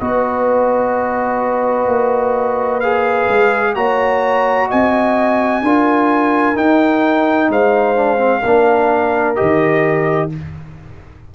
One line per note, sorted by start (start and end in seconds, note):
0.00 1.87 B3
0.00 2.82 F#4
0.00 3.75 B4
0.00 2.81 D#5
1.87 3.27 A#3
2.81 3.76 G#4
2.81 3.74 F5
3.29 3.76 G#3
3.75 4.70 A#3
3.75 5.64 F#4
3.75 4.68 C#5
3.75 4.69 A#5
4.68 5.62 C4
4.68 5.62 D#5
4.68 6.57 G#5
5.62 6.55 D4
5.62 6.55 F4
5.62 7.51 A#4
6.55 7.96 D#4
6.55 7.49 D#4
6.55 7.51 G5
7.49 8.43 G#3
7.49 8.41 C5
7.49 9.36 F5
7.96 8.18 D4
8.18 8.41 C4
8.41 9.38 A#3
8.41 9.36 D4
8.41 10.29 A#4
9.36 10.35 D#3
9.36 10.30 G4
9.36 10.29 D#5